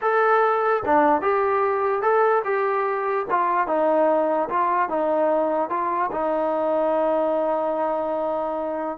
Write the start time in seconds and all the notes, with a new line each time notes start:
0.01 A4
0.85 D4
1.21 G4
2.01 A4
2.44 G4
3.30 F4
3.67 D#4
4.49 F4
4.89 D#4
5.69 F4
6.11 D#4